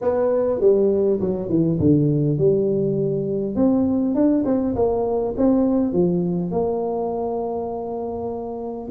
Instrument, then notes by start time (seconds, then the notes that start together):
tuba
0.01 B3
0.60 G3
1.20 F#3
1.49 E3
1.79 D3
2.38 G3
3.55 C4
4.14 D4
4.45 C4
4.75 A#3
5.37 C4
5.92 F3
6.51 A#3